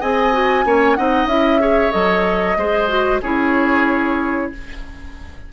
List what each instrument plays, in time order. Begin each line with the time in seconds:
0.00 bassoon C4, clarinet G#4, oboe D#5, flute G#5
0.33 clarinet F#4
0.65 bassoon A#3, clarinet C#4, oboe C#5
0.95 bassoon C4, clarinet D#4, oboe D#5, flute F#5
1.25 bassoon C#4, clarinet E4, flute E5
1.60 clarinet G#4, oboe C#5
1.91 bassoon F#3, clarinet A4, flute D#5
2.56 bassoon G#3, clarinet G#4, oboe C5
2.88 clarinet F#4
3.22 bassoon C#4, clarinet E4, oboe G#4, flute C#5